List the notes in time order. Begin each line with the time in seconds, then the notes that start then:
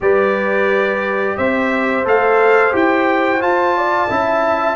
0.00 G3 G4 B4 D5
1.37 C4 C5 E5
2.04 A3 A4 F5
2.71 E4 G4 G5
3.40 F4 A5
3.76 D5
4.09 C#4 E4 E5